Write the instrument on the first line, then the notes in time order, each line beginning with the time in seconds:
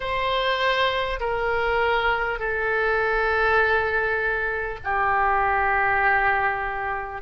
oboe
0.00 C5
1.19 A#4
2.39 A4
4.83 G4